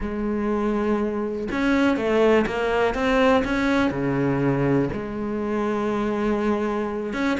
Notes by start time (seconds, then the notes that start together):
0.00 G#3
1.51 C#4
1.96 A3
2.46 A#3
2.94 C4
3.44 C#4
3.91 C#3
4.92 G#3
7.13 C#4